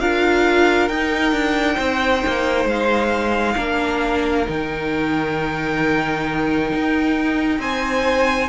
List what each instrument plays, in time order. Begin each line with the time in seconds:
0.00 cello D4, viola F4, violin A#4 F5
0.88 cello D#4, viola D#4, violin G5
1.32 cello D4
1.75 cello C4, violin C5
2.27 cello A#3
2.65 cello G#3, violin F5
3.57 cello A#3, viola D4, violin A#4
4.46 cello D#3, viola D#4, violin G5
6.74 cello D#4
7.59 cello C4, violin C5 G#5